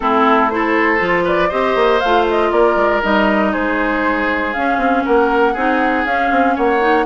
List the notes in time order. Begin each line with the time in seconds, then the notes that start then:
0.00 A3 C4 E4 A4
0.50 E4 A4 C5
0.98 F3 F4
1.23 B4 D5
1.49 C4 G4 C5 D#5
1.75 A#3
1.99 A3 F4 F5
2.29 D#5
2.51 A#3 A#4 D5
2.76 G#3
3.02 G3 D#4 D#5
3.51 G#3 G#4 C5
4.53 C#4 F5
4.77 C4
5.04 A#3 A#4 F#5
5.53 C4 D#4 G#4
6.04 C#4 F5
6.30 C4
6.55 A#3 C#5 F#5
6.79 D#4